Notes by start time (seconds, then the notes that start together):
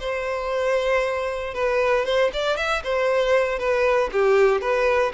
0.00 C5
1.54 B4
2.05 C5
2.33 D5
2.57 E5
2.83 C5
3.59 B4
4.12 G4
4.61 B4